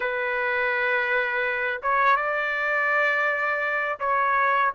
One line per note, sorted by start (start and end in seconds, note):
0.00 1.81 B4
1.82 2.16 C#5
2.16 3.99 D5
3.99 4.72 C#5